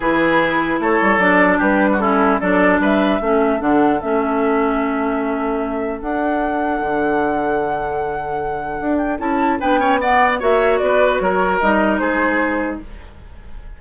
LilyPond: <<
  \new Staff \with { instrumentName = "flute" } { \time 4/4 \tempo 4 = 150 b'2 cis''4 d''4 | b'4 a'4 d''4 e''4~ | e''4 fis''4 e''2~ | e''2. fis''4~ |
fis''1~ | fis''2~ fis''8 g''8 a''4 | g''4 fis''4 e''4 d''4 | cis''4 dis''4 c''2 | }
  \new Staff \with { instrumentName = "oboe" } { \time 4/4 gis'2 a'2 | g'8. fis'16 e'4 a'4 b'4 | a'1~ | a'1~ |
a'1~ | a'1 | b'8 cis''8 d''4 cis''4 b'4 | ais'2 gis'2 | }
  \new Staff \with { instrumentName = "clarinet" } { \time 4/4 e'2. d'4~ | d'4 cis'4 d'2 | cis'4 d'4 cis'2~ | cis'2. d'4~ |
d'1~ | d'2. e'4 | d'8 cis'8 b4 fis'2~ | fis'4 dis'2. | }
  \new Staff \with { instrumentName = "bassoon" } { \time 4/4 e2 a8 g8 fis4 | g2 fis4 g4 | a4 d4 a2~ | a2. d'4~ |
d'4 d2.~ | d2 d'4 cis'4 | b2 ais4 b4 | fis4 g4 gis2 | }
>>